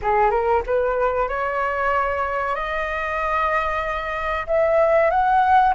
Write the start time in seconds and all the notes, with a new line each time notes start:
0.02 G#4
0.30 A#4
0.66 B4
1.28 C#5
2.55 D#5
4.47 E5
5.10 F#5